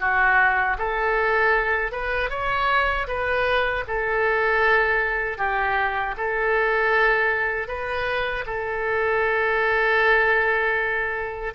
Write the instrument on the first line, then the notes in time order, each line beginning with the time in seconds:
oboe
0.00 F#4
0.78 A4
1.92 B4
2.30 C#5
3.07 B4
3.87 A4
5.38 G4
6.17 A4
7.68 B4
8.47 A4